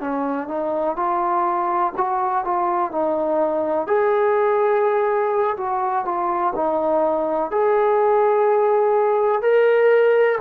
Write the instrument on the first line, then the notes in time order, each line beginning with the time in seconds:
trombone
0.00 C#4
0.48 D#4
0.96 F4
1.97 F#4
2.45 F4
2.92 D#4
3.87 G#4
5.57 F#4
6.05 F4
6.55 D#4
7.51 G#4
9.42 A#4